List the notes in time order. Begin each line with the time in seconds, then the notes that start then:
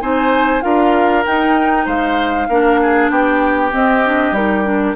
0.00 C4 D#4 C5 G#5
0.61 D4 F4 A#4 F5
1.25 D#4 G5
1.86 G#3 C5 F5
2.48 A#3 D4 A#4
2.82 G#4
3.10 B3 G4 G5
3.71 C4 D#5
4.05 D4
4.32 G3 D#4 A#4
4.65 D4